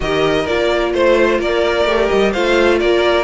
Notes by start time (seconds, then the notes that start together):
0.00 D#3 G4 A#4 D#5
0.46 A#3 F4 D5
0.93 A3 C5
1.38 A#3 A#4 D5
1.84 A3 G4
2.08 G3 D#5
2.31 A3 F4 C5 F5
2.79 A#3 A#4 D5